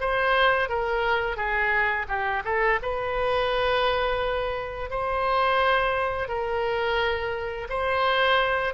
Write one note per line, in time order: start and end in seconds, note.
0.00 0.68 C5
0.68 1.36 A#4
1.36 2.06 G#4
2.08 2.43 G4
2.44 2.79 A4
2.82 4.90 B4
4.90 6.28 C5
6.28 7.67 A#4
7.69 8.73 C5